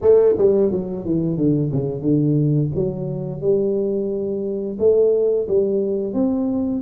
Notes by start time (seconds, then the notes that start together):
0.01 A3
0.37 G3
0.71 F#3
1.05 E3
1.37 D3
1.72 C#3
2.01 D3
2.75 F#3
3.41 G3
4.79 A3
5.48 G3
6.13 C4